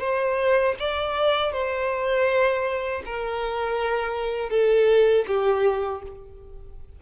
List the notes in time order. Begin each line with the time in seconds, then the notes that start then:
0.00 C5
0.80 D5
1.52 C5
3.06 A#4
4.50 A4
5.28 G4